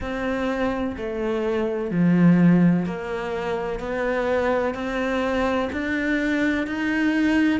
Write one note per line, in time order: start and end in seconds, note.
0.00 0.96 C4
0.96 1.90 A3
1.90 2.85 F3
2.85 3.79 A#3
3.79 4.74 B3
4.74 5.69 C4
5.72 6.67 D4
6.67 7.60 D#4